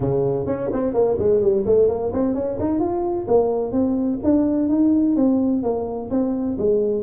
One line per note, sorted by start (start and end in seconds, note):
0.00 0.46 C#3
0.46 0.70 C#4
0.72 0.93 C4
0.93 1.17 A#3
1.18 1.41 G#3
1.41 1.64 G3
1.66 1.88 A3
1.88 2.12 A#3
2.12 2.34 C4
2.34 2.58 C#4
2.59 2.79 D#4
2.79 3.26 F4
3.27 3.72 A#3
3.72 4.19 C4
4.23 4.69 D4
4.69 5.15 D#4
5.16 5.62 C4
5.62 6.09 A#3
6.10 6.57 C4
6.58 7.03 G#3